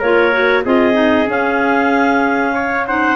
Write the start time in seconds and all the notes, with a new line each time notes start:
0.00 A#3 F4 A#4 C#5
0.33 F#4
0.65 C4 F4 G#4 D#5
0.94 D#4
1.28 C#4 F5
2.54 C#5
2.88 D#4 C5 F#5